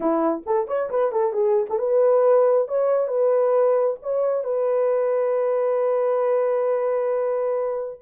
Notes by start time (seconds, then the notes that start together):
0.00 E4
0.45 A4
0.67 C#5
0.90 B4
1.12 A4
1.33 G#4
1.69 A4
1.79 B4
2.68 C#5
3.07 B4
4.02 C#5
4.44 B4